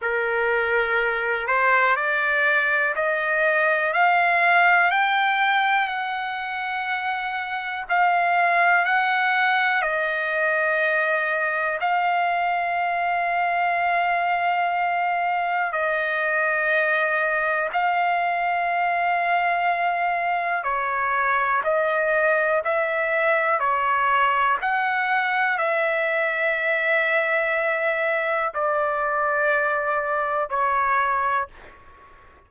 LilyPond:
\new Staff \with { instrumentName = "trumpet" } { \time 4/4 \tempo 4 = 61 ais'4. c''8 d''4 dis''4 | f''4 g''4 fis''2 | f''4 fis''4 dis''2 | f''1 |
dis''2 f''2~ | f''4 cis''4 dis''4 e''4 | cis''4 fis''4 e''2~ | e''4 d''2 cis''4 | }